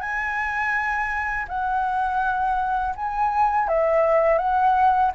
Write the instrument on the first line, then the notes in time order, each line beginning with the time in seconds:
flute
0.00 G#5
1.48 F#5
2.96 G#5
3.68 E5
4.38 F#5